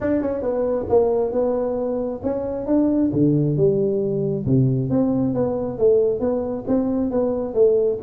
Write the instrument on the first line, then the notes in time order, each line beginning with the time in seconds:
tuba
0.01 D4
0.21 C#4
0.41 B3
0.89 A#3
1.32 B3
2.23 C#4
2.66 D4
3.12 D3
3.56 G3
4.46 C3
4.90 C4
5.34 B3
5.78 A3
6.19 B3
6.67 C4
7.11 B3
7.54 A3